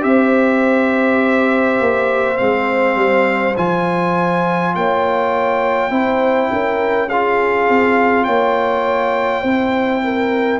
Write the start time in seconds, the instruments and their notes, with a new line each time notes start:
0.00 tuba C4, trombone G4, horn C5, trumpet E5
1.80 tuba A#3
2.36 tuba G#3, trombone C4, trumpet F5
2.95 tuba G3
3.56 tuba F3, trombone F4, trumpet G#5
4.75 tuba A#3, horn C#5, trumpet G5
5.90 tuba C4, trombone E4, horn C5
6.51 tuba C#4, horn A#4
7.08 trombone F4, horn G#4, trumpet F5
7.68 tuba C4
8.24 tuba A#3, horn C#5, trumpet G5
9.41 tuba C4, trombone E4, horn C5
10.04 horn A#4